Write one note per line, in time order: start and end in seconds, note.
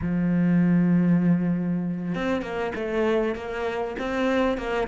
0.01 2.14 F3
2.14 2.42 C4
2.42 2.72 A#3
2.75 3.35 A3
3.35 3.96 A#3
3.99 4.57 C4
4.57 4.87 A#3